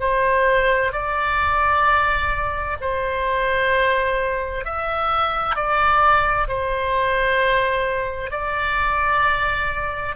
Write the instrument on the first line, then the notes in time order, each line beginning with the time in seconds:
oboe
0.00 C5
0.92 D5
2.81 C5
4.65 E5
5.56 D5
6.48 C5
8.31 D5